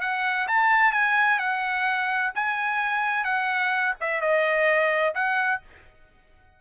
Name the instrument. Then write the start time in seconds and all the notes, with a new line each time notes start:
trumpet
0.00 F#5
0.48 A5
0.92 G#5
1.38 F#5
2.34 G#5
3.24 F#5
4.00 E5
4.21 D#5
5.14 F#5